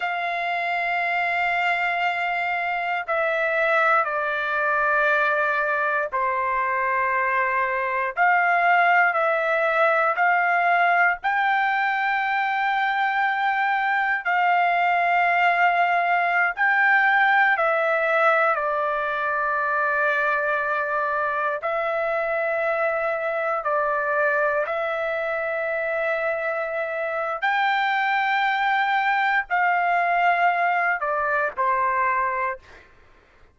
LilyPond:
\new Staff \with { instrumentName = "trumpet" } { \time 4/4 \tempo 4 = 59 f''2. e''4 | d''2 c''2 | f''4 e''4 f''4 g''4~ | g''2 f''2~ |
f''16 g''4 e''4 d''4.~ d''16~ | d''4~ d''16 e''2 d''8.~ | d''16 e''2~ e''8. g''4~ | g''4 f''4. d''8 c''4 | }